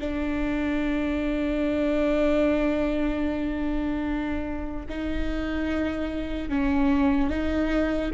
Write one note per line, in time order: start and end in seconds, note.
0.00 4.86 D4
4.89 6.49 D#4
6.49 7.30 C#4
7.30 8.11 D#4